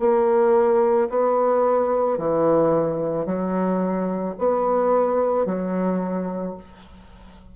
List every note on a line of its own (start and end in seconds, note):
0.00 1.09 A#3
1.10 2.18 B3
2.18 3.26 E3
3.26 4.35 F#3
4.39 5.46 B3
5.46 6.55 F#3